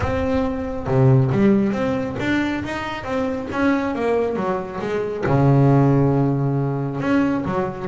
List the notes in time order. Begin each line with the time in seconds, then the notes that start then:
0.00 C4
0.87 C3
1.31 G3
1.72 C4
2.19 D4
2.63 D#4
3.04 C4
3.52 C#4
3.95 A#3
4.36 F#3
4.80 G#3
5.26 C#3
7.00 C#4
7.45 F#3